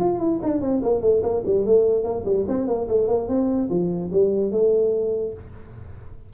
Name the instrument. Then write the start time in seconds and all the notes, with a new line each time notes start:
tuba
0.00 F4
0.19 E4
0.43 D4
0.61 C4
0.83 A#3
1.02 A3
1.23 A#3
1.46 G3
1.66 A3
2.04 A#3
2.25 G3
2.48 C4
2.68 A#3
2.89 A3
3.08 A#3
3.29 C4
3.70 F3
4.13 G3
4.52 A3